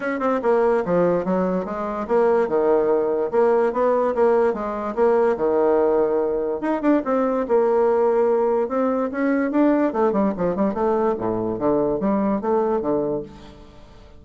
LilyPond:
\new Staff \with { instrumentName = "bassoon" } { \time 4/4 \tempo 4 = 145 cis'8 c'8 ais4 f4 fis4 | gis4 ais4 dis2 | ais4 b4 ais4 gis4 | ais4 dis2. |
dis'8 d'8 c'4 ais2~ | ais4 c'4 cis'4 d'4 | a8 g8 f8 g8 a4 a,4 | d4 g4 a4 d4 | }